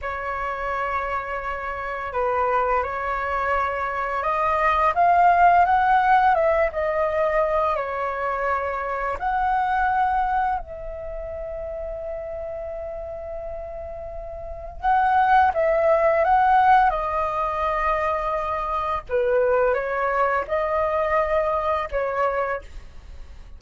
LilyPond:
\new Staff \with { instrumentName = "flute" } { \time 4/4 \tempo 4 = 85 cis''2. b'4 | cis''2 dis''4 f''4 | fis''4 e''8 dis''4. cis''4~ | cis''4 fis''2 e''4~ |
e''1~ | e''4 fis''4 e''4 fis''4 | dis''2. b'4 | cis''4 dis''2 cis''4 | }